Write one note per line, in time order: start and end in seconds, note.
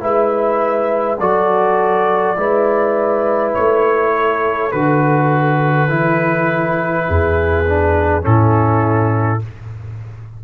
0.00 1.20 G#3
0.00 1.18 E4
0.00 1.19 B4
0.00 1.20 E5
1.19 2.37 F#3
1.19 2.36 F#4
1.19 2.37 A4
1.19 3.54 D5
2.36 3.55 G#3
2.36 4.72 E4
2.36 4.14 B4
3.54 4.73 A3
3.54 4.72 C#5
4.14 7.08 A4
4.72 5.89 D3
4.72 5.89 F#4
4.72 8.25 B4
5.89 7.07 E3
5.89 7.65 E4
7.08 8.26 E2
7.08 8.25 G#4
7.66 8.22 D4
8.22 9.44 A2
8.22 9.39 C#4
8.22 9.43 E4
8.22 9.43 A4